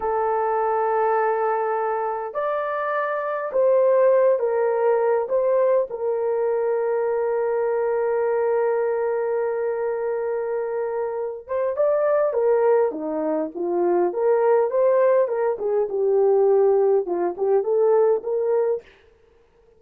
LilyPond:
\new Staff \with { instrumentName = "horn" } { \time 4/4 \tempo 4 = 102 a'1 | d''2 c''4. ais'8~ | ais'4 c''4 ais'2~ | ais'1~ |
ais'2.~ ais'8 c''8 | d''4 ais'4 dis'4 f'4 | ais'4 c''4 ais'8 gis'8 g'4~ | g'4 f'8 g'8 a'4 ais'4 | }